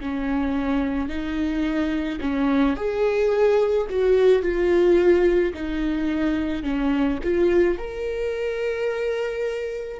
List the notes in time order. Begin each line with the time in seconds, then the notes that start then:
0.00 C#4
1.08 D#4
2.20 C#4
2.76 G#4
3.90 F#4
4.42 F4
5.54 D#4
6.63 C#4
7.23 F4
7.78 A#4